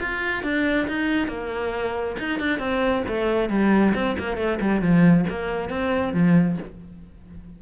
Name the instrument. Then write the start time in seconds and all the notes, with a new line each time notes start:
cello
0.00 F4
0.43 D4
0.88 D#4
1.28 A#3
2.19 D#4
2.40 D4
2.59 C4
3.08 A3
3.49 G3
3.95 C4
4.19 A#3
4.37 A3
4.61 G3
4.81 F3
5.29 A#3
5.70 C4
6.13 F3